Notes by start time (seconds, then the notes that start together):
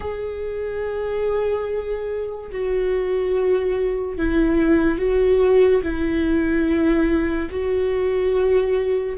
0.00 G#4
2.52 F#4
4.17 E4
4.98 F#4
5.82 E4
7.50 F#4